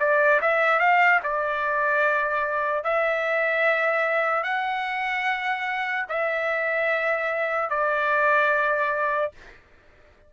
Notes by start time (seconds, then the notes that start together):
0.00 D5
0.42 E5
0.80 F5
1.23 D5
2.84 E5
4.44 F#5
6.10 E5
7.70 D5